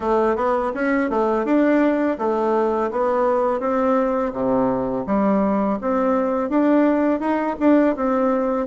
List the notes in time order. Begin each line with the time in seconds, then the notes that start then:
0.00 A3
0.35 B3
0.74 C#4
1.10 A3
1.45 D4
2.18 A3
2.91 B3
3.59 C4
4.32 C3
5.06 G3
5.81 C4
6.49 D4
7.20 D#4
7.59 D4
7.96 C4